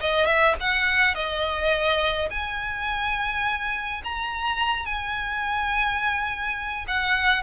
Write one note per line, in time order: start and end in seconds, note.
0.00 0.26 D#5
0.26 0.55 E5
0.60 1.15 F#5
1.15 2.29 D#5
2.30 4.02 G#5
4.04 4.85 A#5
4.85 6.85 G#5
6.87 7.43 F#5